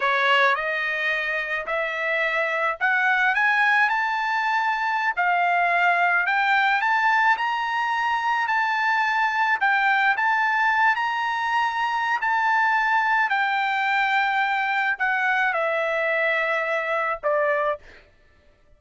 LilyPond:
\new Staff \with { instrumentName = "trumpet" } { \time 4/4 \tempo 4 = 108 cis''4 dis''2 e''4~ | e''4 fis''4 gis''4 a''4~ | a''4~ a''16 f''2 g''8.~ | g''16 a''4 ais''2 a''8.~ |
a''4~ a''16 g''4 a''4. ais''16~ | ais''2 a''2 | g''2. fis''4 | e''2. d''4 | }